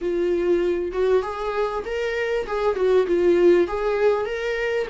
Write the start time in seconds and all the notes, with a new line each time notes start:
0.01 F4
0.92 F#4
1.22 G#4
1.85 A#4
2.46 G#4
2.76 F#4
3.06 F4
3.67 G#4
4.25 A#4